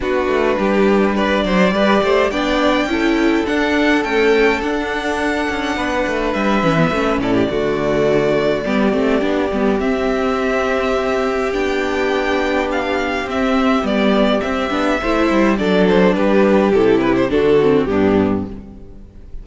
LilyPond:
<<
  \new Staff \with { instrumentName = "violin" } { \time 4/4 \tempo 4 = 104 b'2 d''2 | g''2 fis''4 g''4 | fis''2. e''4~ | e''8 d''2.~ d''8~ |
d''4 e''2. | g''2 f''4 e''4 | d''4 e''2 d''8 c''8 | b'4 a'8 b'16 c''16 a'4 g'4 | }
  \new Staff \with { instrumentName = "violin" } { \time 4/4 fis'4 g'4 b'8 c''8 b'8 c''8 | d''4 a'2.~ | a'2 b'2~ | b'8 a'16 g'16 fis'2 g'4~ |
g'1~ | g'1~ | g'2 c''4 a'4 | g'2 fis'4 d'4 | }
  \new Staff \with { instrumentName = "viola" } { \time 4/4 d'2. g'4 | d'4 e'4 d'4 a4 | d'2.~ d'8 cis'16 b16 | cis'4 a2 b8 c'8 |
d'8 b8 c'2. | d'2. c'4 | b4 c'8 d'8 e'4 d'4~ | d'4 e'4 d'8 c'8 b4 | }
  \new Staff \with { instrumentName = "cello" } { \time 4/4 b8 a8 g4. fis8 g8 a8 | b4 cis'4 d'4 cis'4 | d'4. cis'8 b8 a8 g8 e8 | a8 a,8 d2 g8 a8 |
b8 g8 c'2. | b2. c'4 | g4 c'8 b8 a8 g8 fis4 | g4 c4 d4 g,4 | }
>>